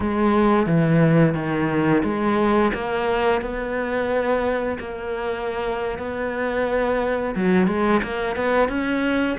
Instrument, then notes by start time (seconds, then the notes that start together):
cello
0.00 G#3
0.66 E3
1.34 D#3
2.03 G#3
2.73 A#3
3.41 B3
4.79 A#3
5.98 B3
7.35 F#3
7.67 G#3
8.03 A#3
8.36 B3
8.68 C#4